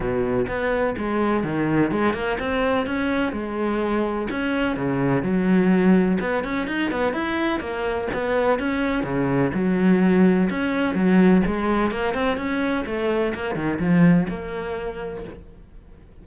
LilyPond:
\new Staff \with { instrumentName = "cello" } { \time 4/4 \tempo 4 = 126 b,4 b4 gis4 dis4 | gis8 ais8 c'4 cis'4 gis4~ | gis4 cis'4 cis4 fis4~ | fis4 b8 cis'8 dis'8 b8 e'4 |
ais4 b4 cis'4 cis4 | fis2 cis'4 fis4 | gis4 ais8 c'8 cis'4 a4 | ais8 dis8 f4 ais2 | }